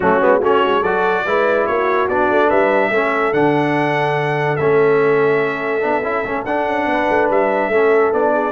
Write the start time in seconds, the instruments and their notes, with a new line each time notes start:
0.00 tuba F#3, trombone A3, horn C#4, trumpet F#4
0.20 tuba G#3, trombone B3
0.39 tuba A3, trombone C#4, horn F#4, trumpet C#5
0.64 tuba G#3
0.80 tuba F#3, trombone F#4, horn A4, trumpet D5
1.25 tuba G#3, trombone E4, horn B4
1.66 tuba A#3, horn F#4, trumpet C#5
2.08 tuba B3, trombone D4, trumpet D5
2.30 tuba A3
2.47 tuba G3, horn B4, trumpet E5
2.90 tuba A3, trombone C#4, horn A4
3.32 tuba D3, trombone D4, trumpet F#5
4.56 tuba A3, trombone C#4, trumpet E5
5.81 tuba B3, trombone D4
6.03 tuba C#4, trombone E4
6.25 tuba A3, trombone C#4
6.45 tuba D4, trombone D4, trumpet F#5
6.65 tuba C#4
6.85 tuba B3, horn B4
7.09 tuba A3
7.29 tuba G3, trumpet E5
7.68 tuba A3, trombone C#4, horn A4
8.13 tuba B3, trombone D4, trumpet D5
8.33 horn G#4